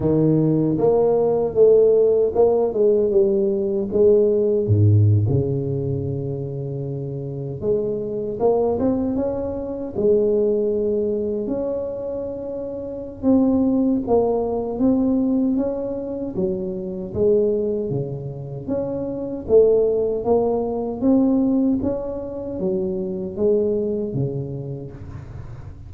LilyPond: \new Staff \with { instrumentName = "tuba" } { \time 4/4 \tempo 4 = 77 dis4 ais4 a4 ais8 gis8 | g4 gis4 gis,8. cis4~ cis16~ | cis4.~ cis16 gis4 ais8 c'8 cis'16~ | cis'8. gis2 cis'4~ cis'16~ |
cis'4 c'4 ais4 c'4 | cis'4 fis4 gis4 cis4 | cis'4 a4 ais4 c'4 | cis'4 fis4 gis4 cis4 | }